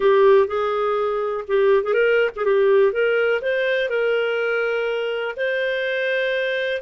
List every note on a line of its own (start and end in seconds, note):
0.00 0.47 G4
0.47 1.44 G#4
1.47 1.83 G4
1.83 1.93 G#4
1.93 2.30 A#4
2.36 2.44 G#4
2.44 2.92 G4
2.92 3.41 A#4
3.41 3.89 C5
3.89 5.35 A#4
5.36 6.81 C5